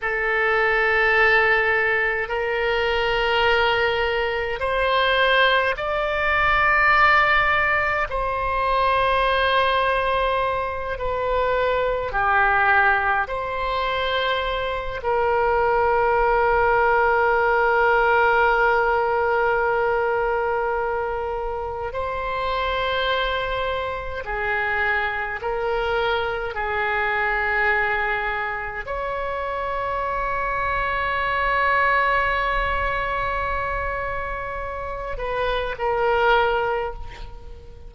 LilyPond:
\new Staff \with { instrumentName = "oboe" } { \time 4/4 \tempo 4 = 52 a'2 ais'2 | c''4 d''2 c''4~ | c''4. b'4 g'4 c''8~ | c''4 ais'2.~ |
ais'2. c''4~ | c''4 gis'4 ais'4 gis'4~ | gis'4 cis''2.~ | cis''2~ cis''8 b'8 ais'4 | }